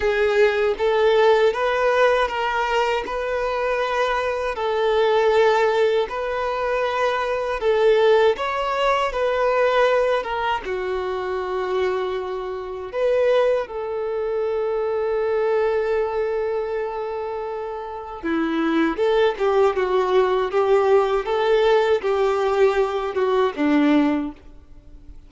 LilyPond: \new Staff \with { instrumentName = "violin" } { \time 4/4 \tempo 4 = 79 gis'4 a'4 b'4 ais'4 | b'2 a'2 | b'2 a'4 cis''4 | b'4. ais'8 fis'2~ |
fis'4 b'4 a'2~ | a'1 | e'4 a'8 g'8 fis'4 g'4 | a'4 g'4. fis'8 d'4 | }